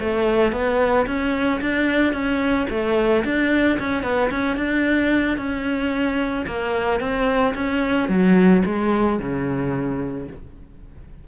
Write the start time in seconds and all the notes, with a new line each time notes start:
0.00 A3
0.52 B3
1.07 C#4
1.61 D4
2.13 C#4
2.70 A3
3.25 D4
3.79 C#4
4.03 B3
4.31 C#4
4.57 D4
5.37 C#4
6.47 A#3
7.00 C4
7.55 C#4
8.09 F#3
8.66 G#3
9.19 C#3